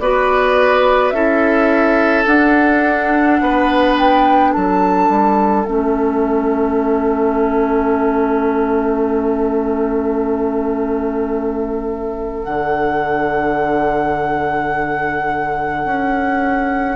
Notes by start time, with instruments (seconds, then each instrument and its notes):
0.00 bassoon B3, clarinet F#4, oboe B4, flute D5
1.11 bassoon C#4, clarinet E4, oboe A4, flute E5
2.25 clarinet D4, bassoon D4, flute F#5
3.42 bassoon B3, oboe B4
3.97 flute G5
4.51 bassoon F#3, oboe A4, flute A5
5.09 bassoon G3
5.65 bassoon A3, clarinet C#4, flute E5
12.44 bassoon D3, clarinet D4, flute F#5
15.85 bassoon C#4